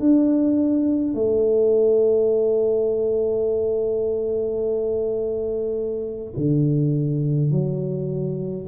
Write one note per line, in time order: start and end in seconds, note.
0.00 1.14 D4
1.14 6.34 A3
6.37 7.52 D3
7.52 8.67 F#3